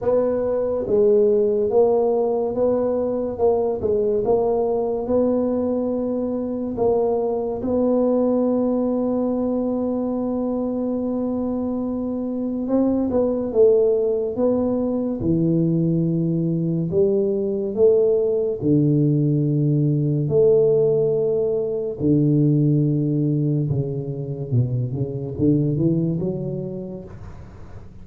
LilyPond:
\new Staff \with { instrumentName = "tuba" } { \time 4/4 \tempo 4 = 71 b4 gis4 ais4 b4 | ais8 gis8 ais4 b2 | ais4 b2.~ | b2. c'8 b8 |
a4 b4 e2 | g4 a4 d2 | a2 d2 | cis4 b,8 cis8 d8 e8 fis4 | }